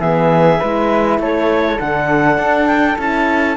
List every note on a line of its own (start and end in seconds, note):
0.00 0.59 E3
0.00 0.60 B3
0.00 0.60 G#4
0.00 1.19 E5
0.60 1.19 G#3
0.60 1.79 E4
0.60 1.19 B4
1.19 1.79 A3
1.19 3.57 A4
1.19 1.80 C#5
1.80 2.38 D3
1.80 2.98 D4
1.80 2.67 F#5
2.38 2.97 D4
2.67 2.96 G5
2.98 3.57 C#4
2.98 3.57 E4
2.98 3.57 A5